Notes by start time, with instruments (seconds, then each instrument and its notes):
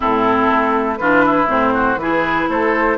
0.00 bassoon A2, clarinet C4, oboe E4, flute A4
0.50 bassoon A3
0.97 bassoon E3, clarinet D4, oboe F4, flute B4
1.25 oboe E4
1.47 bassoon A2, clarinet C4, flute C5
1.74 oboe F#4
1.96 bassoon E3, clarinet E4, oboe G#4, flute B4
2.49 bassoon A3, oboe A4, flute C5